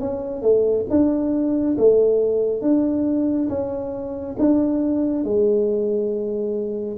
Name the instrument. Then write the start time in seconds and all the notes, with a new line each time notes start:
tuba
0.00 C#4
0.42 A3
0.90 D4
1.78 A3
2.62 D4
3.49 C#4
4.39 D4
5.24 G#3